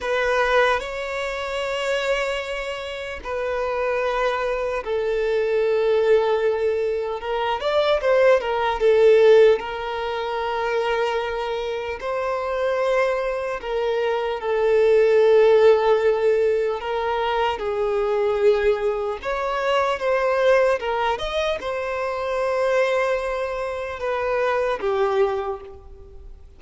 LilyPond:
\new Staff \with { instrumentName = "violin" } { \time 4/4 \tempo 4 = 75 b'4 cis''2. | b'2 a'2~ | a'4 ais'8 d''8 c''8 ais'8 a'4 | ais'2. c''4~ |
c''4 ais'4 a'2~ | a'4 ais'4 gis'2 | cis''4 c''4 ais'8 dis''8 c''4~ | c''2 b'4 g'4 | }